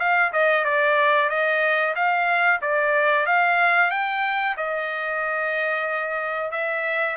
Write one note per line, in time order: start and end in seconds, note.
0.00 0.33 F5
0.33 0.65 D#5
0.65 1.30 D5
1.30 1.95 D#5
1.96 2.61 F5
2.62 3.27 D5
3.27 3.91 F5
3.91 4.57 G5
4.58 6.52 D#5
6.52 7.17 E5